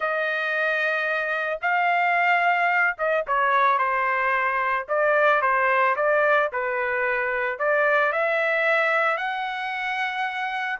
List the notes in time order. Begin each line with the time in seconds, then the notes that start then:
0.00 D#5
1.61 F5
2.97 D#5
3.27 C#5
3.78 C5
4.88 D5
5.41 C5
5.96 D5
6.52 B4
7.58 D5
8.12 E5
9.17 F#5